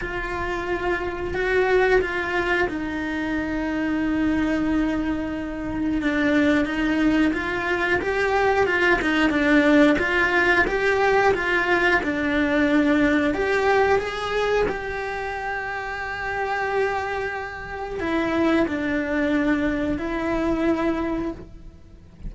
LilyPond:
\new Staff \with { instrumentName = "cello" } { \time 4/4 \tempo 4 = 90 f'2 fis'4 f'4 | dis'1~ | dis'4 d'4 dis'4 f'4 | g'4 f'8 dis'8 d'4 f'4 |
g'4 f'4 d'2 | g'4 gis'4 g'2~ | g'2. e'4 | d'2 e'2 | }